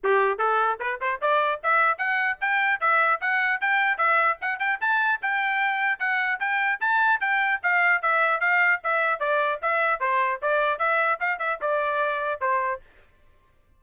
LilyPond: \new Staff \with { instrumentName = "trumpet" } { \time 4/4 \tempo 4 = 150 g'4 a'4 b'8 c''8 d''4 | e''4 fis''4 g''4 e''4 | fis''4 g''4 e''4 fis''8 g''8 | a''4 g''2 fis''4 |
g''4 a''4 g''4 f''4 | e''4 f''4 e''4 d''4 | e''4 c''4 d''4 e''4 | f''8 e''8 d''2 c''4 | }